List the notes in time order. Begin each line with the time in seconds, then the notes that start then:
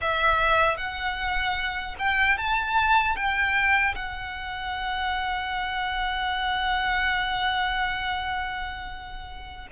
0.01 E5
0.77 F#5
1.98 G5
2.37 A5
3.16 G5
3.95 F#5